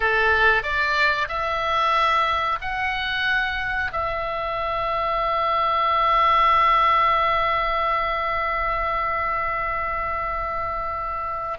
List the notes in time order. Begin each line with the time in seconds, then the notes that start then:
0.00 A4
0.62 D5
1.28 E5
2.61 F#5
3.92 E5